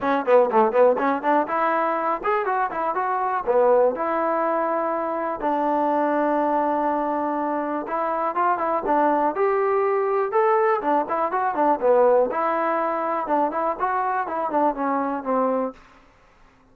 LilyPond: \new Staff \with { instrumentName = "trombone" } { \time 4/4 \tempo 4 = 122 cis'8 b8 a8 b8 cis'8 d'8 e'4~ | e'8 gis'8 fis'8 e'8 fis'4 b4 | e'2. d'4~ | d'1 |
e'4 f'8 e'8 d'4 g'4~ | g'4 a'4 d'8 e'8 fis'8 d'8 | b4 e'2 d'8 e'8 | fis'4 e'8 d'8 cis'4 c'4 | }